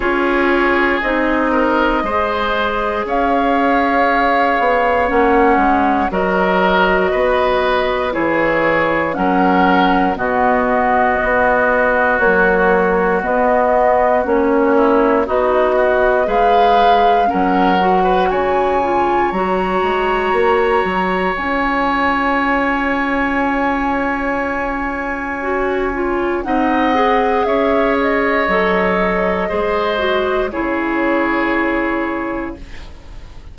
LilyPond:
<<
  \new Staff \with { instrumentName = "flute" } { \time 4/4 \tempo 4 = 59 cis''4 dis''2 f''4~ | f''4 fis''4 dis''2 | cis''4 fis''4 dis''2 | cis''4 dis''4 cis''4 dis''4 |
f''4 fis''4 gis''4 ais''4~ | ais''4 gis''2.~ | gis''2 fis''4 e''8 dis''8~ | dis''2 cis''2 | }
  \new Staff \with { instrumentName = "oboe" } { \time 4/4 gis'4. ais'8 c''4 cis''4~ | cis''2 ais'4 b'4 | gis'4 ais'4 fis'2~ | fis'2~ fis'8 e'8 dis'8 fis'8 |
b'4 ais'8. b'16 cis''2~ | cis''1~ | cis''2 dis''4 cis''4~ | cis''4 c''4 gis'2 | }
  \new Staff \with { instrumentName = "clarinet" } { \time 4/4 f'4 dis'4 gis'2~ | gis'4 cis'4 fis'2 | e'4 cis'4 b2 | fis4 b4 cis'4 fis'4 |
gis'4 cis'8 fis'4 f'8 fis'4~ | fis'4 f'2.~ | f'4 fis'8 f'8 dis'8 gis'4. | a'4 gis'8 fis'8 e'2 | }
  \new Staff \with { instrumentName = "bassoon" } { \time 4/4 cis'4 c'4 gis4 cis'4~ | cis'8 b8 ais8 gis8 fis4 b4 | e4 fis4 b,4 b4 | ais4 b4 ais4 b4 |
gis4 fis4 cis4 fis8 gis8 | ais8 fis8 cis'2.~ | cis'2 c'4 cis'4 | fis4 gis4 cis2 | }
>>